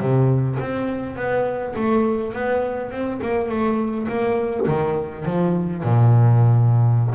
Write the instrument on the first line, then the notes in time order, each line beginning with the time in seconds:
double bass
0.00 C3
0.60 C4
1.16 B3
1.76 A3
2.34 B3
2.92 C4
3.22 A#3
3.49 A3
4.09 A#3
4.68 D#3
5.25 F3
5.84 A#2